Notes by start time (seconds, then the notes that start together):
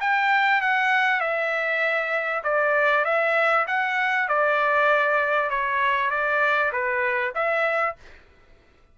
0.00 G5
0.61 F#5
1.20 E5
2.44 D5
3.05 E5
3.67 F#5
4.28 D5
5.50 C#5
6.10 D5
6.72 B4
7.35 E5